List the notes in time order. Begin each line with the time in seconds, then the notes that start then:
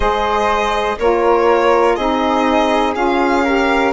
0.00 G#3 G#4 C5 D#5
0.98 A#3 F4 A#4 C#5
1.95 C4 D#4 G#4 D#5
2.95 C#4 F4 F5
3.44 G4 A#4